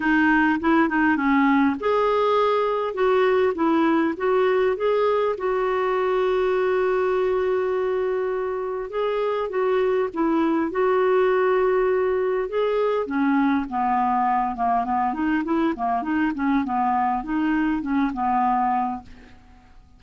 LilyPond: \new Staff \with { instrumentName = "clarinet" } { \time 4/4 \tempo 4 = 101 dis'4 e'8 dis'8 cis'4 gis'4~ | gis'4 fis'4 e'4 fis'4 | gis'4 fis'2.~ | fis'2. gis'4 |
fis'4 e'4 fis'2~ | fis'4 gis'4 cis'4 b4~ | b8 ais8 b8 dis'8 e'8 ais8 dis'8 cis'8 | b4 dis'4 cis'8 b4. | }